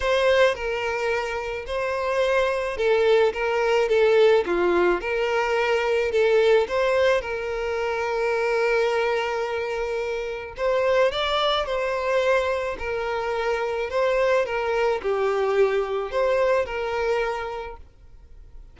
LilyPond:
\new Staff \with { instrumentName = "violin" } { \time 4/4 \tempo 4 = 108 c''4 ais'2 c''4~ | c''4 a'4 ais'4 a'4 | f'4 ais'2 a'4 | c''4 ais'2.~ |
ais'2. c''4 | d''4 c''2 ais'4~ | ais'4 c''4 ais'4 g'4~ | g'4 c''4 ais'2 | }